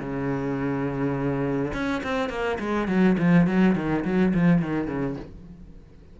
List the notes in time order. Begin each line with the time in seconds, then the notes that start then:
0.00 C#3
1.74 C#4
2.04 C4
2.30 A#3
2.60 G#3
2.88 F#3
3.18 F3
3.47 F#3
3.76 D#3
4.05 F#3
4.35 F3
4.62 D#3
4.88 C#3